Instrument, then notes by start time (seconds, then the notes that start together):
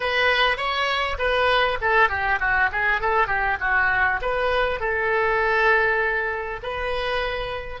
oboe
0.00 B4
0.57 C#5
1.18 B4
1.81 A4
2.09 G4
2.40 F#4
2.71 G#4
3.00 A4
3.27 G4
3.60 F#4
4.21 B4
4.79 A4
6.62 B4